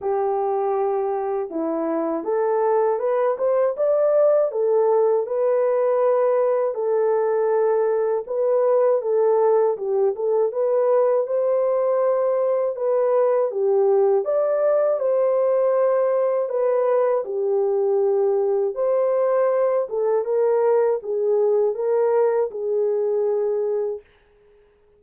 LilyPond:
\new Staff \with { instrumentName = "horn" } { \time 4/4 \tempo 4 = 80 g'2 e'4 a'4 | b'8 c''8 d''4 a'4 b'4~ | b'4 a'2 b'4 | a'4 g'8 a'8 b'4 c''4~ |
c''4 b'4 g'4 d''4 | c''2 b'4 g'4~ | g'4 c''4. a'8 ais'4 | gis'4 ais'4 gis'2 | }